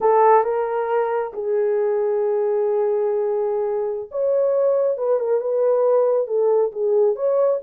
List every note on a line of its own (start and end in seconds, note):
0.01 0.44 A4
0.44 1.32 A#4
1.33 4.09 G#4
4.11 4.97 C#5
4.97 5.19 B4
5.19 5.40 A#4
5.40 6.27 B4
6.27 6.71 A4
6.71 7.15 G#4
7.15 7.59 C#5